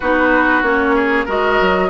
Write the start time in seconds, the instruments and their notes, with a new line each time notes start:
0.00 bassoon B3, clarinet D#4, oboe F#4, flute B4
0.62 bassoon A#3, clarinet C#4, flute C#5
0.95 oboe G#4
1.25 bassoon G#3, clarinet F#4, oboe A#4, flute D#5
1.60 bassoon F#3